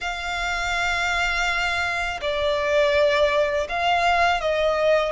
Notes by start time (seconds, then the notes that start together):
0.00 F5
2.21 D5
3.69 F5
4.40 D#5